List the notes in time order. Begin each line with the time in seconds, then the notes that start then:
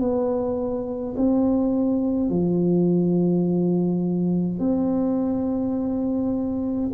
0.00 B3
1.17 C4
2.30 F3
4.59 C4